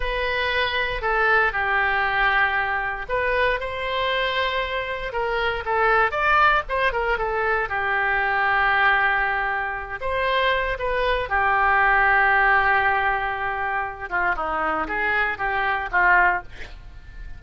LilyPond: \new Staff \with { instrumentName = "oboe" } { \time 4/4 \tempo 4 = 117 b'2 a'4 g'4~ | g'2 b'4 c''4~ | c''2 ais'4 a'4 | d''4 c''8 ais'8 a'4 g'4~ |
g'2.~ g'8 c''8~ | c''4 b'4 g'2~ | g'2.~ g'8 f'8 | dis'4 gis'4 g'4 f'4 | }